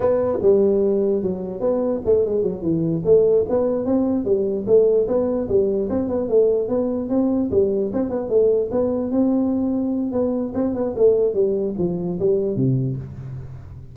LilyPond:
\new Staff \with { instrumentName = "tuba" } { \time 4/4 \tempo 4 = 148 b4 g2 fis4 | b4 a8 gis8 fis8 e4 a8~ | a8 b4 c'4 g4 a8~ | a8 b4 g4 c'8 b8 a8~ |
a8 b4 c'4 g4 c'8 | b8 a4 b4 c'4.~ | c'4 b4 c'8 b8 a4 | g4 f4 g4 c4 | }